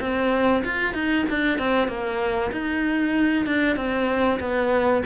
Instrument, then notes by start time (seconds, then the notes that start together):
cello
0.00 C4
0.64 F4
0.94 D#4
1.30 D4
1.58 C4
1.88 A#3
2.51 D#4
3.46 D4
3.76 C4
4.40 B3